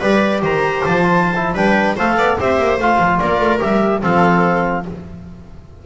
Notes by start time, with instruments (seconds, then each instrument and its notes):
0.00 double bass G3, trombone G4, viola B4, clarinet D5
0.42 double bass D#3, viola C5, clarinet A#5
0.85 double bass F3, clarinet A5
1.02 trombone F4
1.36 trombone E4
1.53 double bass G3, trombone D4, viola B4, clarinet G5
1.97 double bass A3, trombone A4, viola C5, clarinet F5
2.17 double bass B3, viola D5
2.39 double bass C4, trombone G4, viola C5, clarinet E5
2.60 double bass A#3
2.78 double bass A3, trombone F4, clarinet F5
2.99 double bass F3
3.20 double bass A#3, viola A#4, clarinet D5
3.39 double bass A3
3.60 double bass G3, trombone G4, clarinet E5
4.02 double bass F3, trombone C4, viola A4, clarinet F5